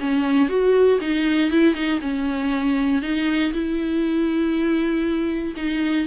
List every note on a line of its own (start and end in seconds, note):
0.00 0.49 C#4
0.49 0.99 F#4
1.01 1.51 D#4
1.51 1.75 E4
1.75 2.00 D#4
2.01 3.02 C#4
3.02 3.53 D#4
3.53 5.55 E4
5.57 6.07 D#4